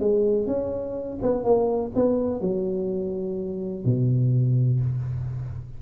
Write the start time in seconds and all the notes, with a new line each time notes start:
0.00 G#3
0.47 C#4
1.23 B3
1.45 A#3
1.95 B3
2.41 F#3
3.85 B2